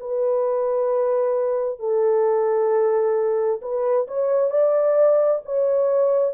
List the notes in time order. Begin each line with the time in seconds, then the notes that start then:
0.00 B4
1.79 A4
3.62 B4
4.07 C#5
4.50 D5
5.45 C#5